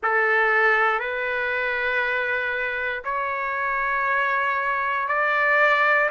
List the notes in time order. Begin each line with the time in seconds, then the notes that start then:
0.02 A4
0.99 B4
3.04 C#5
5.08 D5